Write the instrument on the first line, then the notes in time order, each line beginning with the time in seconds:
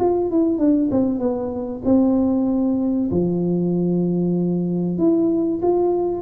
tuba
0.00 F4
0.31 E4
0.59 D4
0.92 C4
1.20 B3
1.85 C4
3.11 F3
4.99 E4
5.62 F4